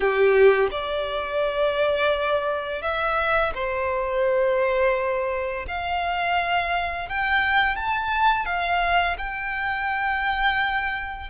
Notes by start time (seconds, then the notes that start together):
0.00 G4
0.71 D5
2.82 E5
3.54 C5
5.67 F5
7.08 G5
7.76 A5
8.45 F5
9.18 G5